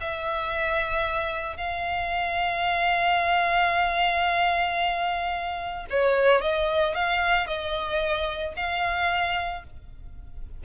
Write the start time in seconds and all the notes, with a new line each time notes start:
0.00 E5
1.57 F5
5.90 C#5
6.41 D#5
6.94 F5
7.47 D#5
8.56 F5